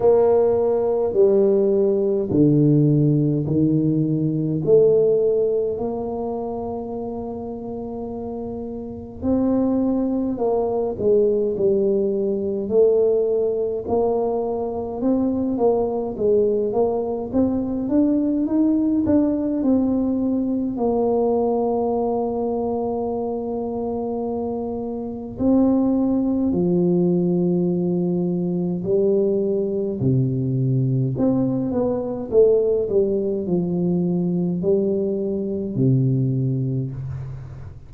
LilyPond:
\new Staff \with { instrumentName = "tuba" } { \time 4/4 \tempo 4 = 52 ais4 g4 d4 dis4 | a4 ais2. | c'4 ais8 gis8 g4 a4 | ais4 c'8 ais8 gis8 ais8 c'8 d'8 |
dis'8 d'8 c'4 ais2~ | ais2 c'4 f4~ | f4 g4 c4 c'8 b8 | a8 g8 f4 g4 c4 | }